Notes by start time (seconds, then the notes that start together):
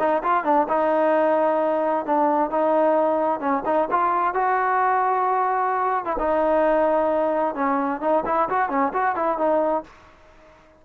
0.00 D#4
0.24 F4
0.45 D4
0.69 D#4
2.06 D4
2.51 D#4
3.40 C#4
3.66 D#4
3.91 F4
4.35 F#4
6.05 E4
6.19 D#4
7.55 C#4
8.01 D#4
8.26 E4
8.50 F#4
8.70 C#4
8.94 F#4
9.16 E4
9.38 D#4